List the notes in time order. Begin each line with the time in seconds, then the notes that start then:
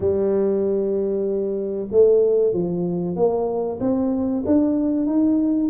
0.00 G3
1.91 A3
2.53 F3
3.16 A#3
3.80 C4
4.46 D4
5.06 D#4